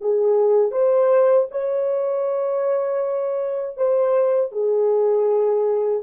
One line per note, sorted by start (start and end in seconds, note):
0.00 0.71 G#4
0.71 1.47 C5
1.51 3.77 C#5
3.77 4.52 C5
4.52 6.03 G#4